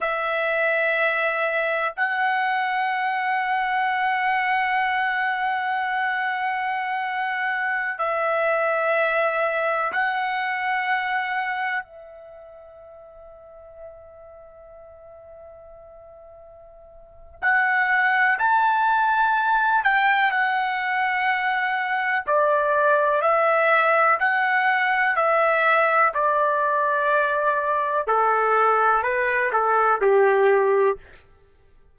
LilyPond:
\new Staff \with { instrumentName = "trumpet" } { \time 4/4 \tempo 4 = 62 e''2 fis''2~ | fis''1~ | fis''16 e''2 fis''4.~ fis''16~ | fis''16 e''2.~ e''8.~ |
e''2 fis''4 a''4~ | a''8 g''8 fis''2 d''4 | e''4 fis''4 e''4 d''4~ | d''4 a'4 b'8 a'8 g'4 | }